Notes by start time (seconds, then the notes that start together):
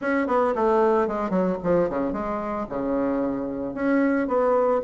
0.01 C#4
0.27 B3
0.55 A3
1.07 G#3
1.30 F#3
1.63 F3
1.89 C#3
2.12 G#3
2.69 C#3
3.74 C#4
4.27 B3